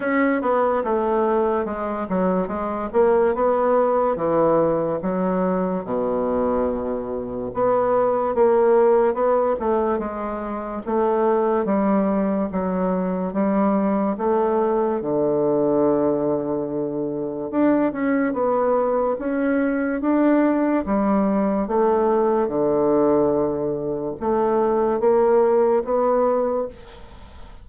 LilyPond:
\new Staff \with { instrumentName = "bassoon" } { \time 4/4 \tempo 4 = 72 cis'8 b8 a4 gis8 fis8 gis8 ais8 | b4 e4 fis4 b,4~ | b,4 b4 ais4 b8 a8 | gis4 a4 g4 fis4 |
g4 a4 d2~ | d4 d'8 cis'8 b4 cis'4 | d'4 g4 a4 d4~ | d4 a4 ais4 b4 | }